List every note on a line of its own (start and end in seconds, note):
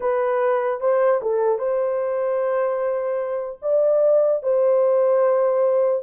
0.00 0.80 B4
0.80 1.20 C5
1.22 1.58 A4
1.58 3.59 C5
3.62 4.42 D5
4.43 6.03 C5